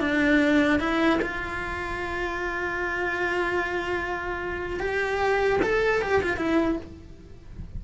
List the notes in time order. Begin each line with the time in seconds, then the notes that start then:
0.00 D4
0.79 E4
1.22 F4
4.80 G4
5.63 A4
6.02 G4
6.23 F4
6.37 E4